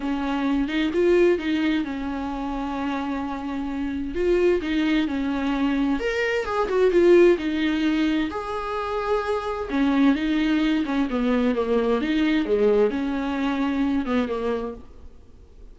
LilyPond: \new Staff \with { instrumentName = "viola" } { \time 4/4 \tempo 4 = 130 cis'4. dis'8 f'4 dis'4 | cis'1~ | cis'4 f'4 dis'4 cis'4~ | cis'4 ais'4 gis'8 fis'8 f'4 |
dis'2 gis'2~ | gis'4 cis'4 dis'4. cis'8 | b4 ais4 dis'4 gis4 | cis'2~ cis'8 b8 ais4 | }